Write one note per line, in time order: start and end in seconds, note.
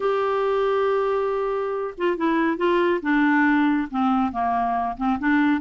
0.00 1.94 G4
1.97 2.17 F4
2.17 2.57 E4
2.57 3.00 F4
3.02 3.88 D4
3.90 4.32 C4
4.32 4.96 A#3
4.97 5.18 C4
5.19 5.61 D4